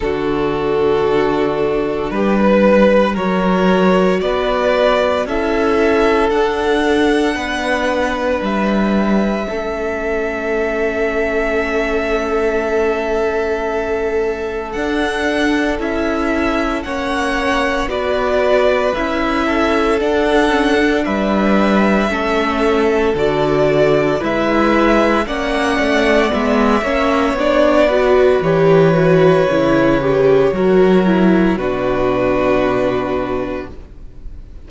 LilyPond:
<<
  \new Staff \with { instrumentName = "violin" } { \time 4/4 \tempo 4 = 57 a'2 b'4 cis''4 | d''4 e''4 fis''2 | e''1~ | e''2 fis''4 e''4 |
fis''4 d''4 e''4 fis''4 | e''2 d''4 e''4 | fis''4 e''4 d''4 cis''4~ | cis''2 b'2 | }
  \new Staff \with { instrumentName = "violin" } { \time 4/4 fis'2 g'16 b'8. ais'4 | b'4 a'2 b'4~ | b'4 a'2.~ | a'1 |
cis''4 b'4. a'4. | b'4 a'2 b'4 | d''4. cis''4 b'4.~ | b'4 ais'4 fis'2 | }
  \new Staff \with { instrumentName = "viola" } { \time 4/4 d'2. fis'4~ | fis'4 e'4 d'2~ | d'4 cis'2.~ | cis'2 d'4 e'4 |
cis'4 fis'4 e'4 d'8 cis'16 d'16~ | d'4 cis'4 fis'4 e'4 | cis'4 b8 cis'8 d'8 fis'8 g'8 fis'8 | e'8 g'8 fis'8 e'8 d'2 | }
  \new Staff \with { instrumentName = "cello" } { \time 4/4 d2 g4 fis4 | b4 cis'4 d'4 b4 | g4 a2.~ | a2 d'4 cis'4 |
ais4 b4 cis'4 d'4 | g4 a4 d4 gis4 | ais8 a8 gis8 ais8 b4 e4 | cis4 fis4 b,2 | }
>>